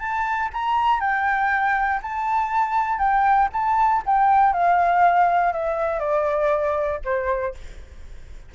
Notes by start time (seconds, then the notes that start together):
0.00 A5
0.54 A#5
1.01 G5
2.02 A5
2.99 G5
3.53 A5
4.06 G5
4.53 F5
5.53 E5
6.00 D5
7.05 C5